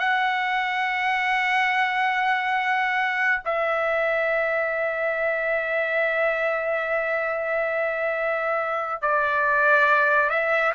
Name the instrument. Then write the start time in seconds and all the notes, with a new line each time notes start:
trumpet
0.00 F#5
3.46 E5
9.02 D5
10.30 E5